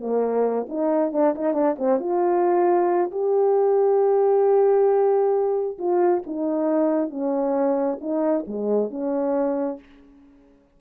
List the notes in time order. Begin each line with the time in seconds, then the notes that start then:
0.00 A#3
0.68 D#4
1.12 D4
1.35 D#4
1.53 D4
1.78 C4
1.99 F4
3.11 G4
5.78 F4
6.26 D#4
7.10 C#4
8.01 D#4
8.47 G#3
8.90 C#4